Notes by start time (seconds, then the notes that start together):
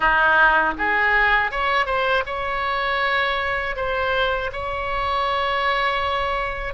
0.00 D#4
0.77 G#4
1.51 C#5
1.86 C5
2.26 C#5
3.75 C5
4.52 C#5